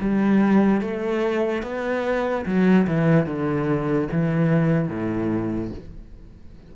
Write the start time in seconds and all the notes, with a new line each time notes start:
0.00 G3
0.81 A3
1.63 B3
2.45 F#3
2.87 E3
3.26 D3
4.12 E3
4.88 A2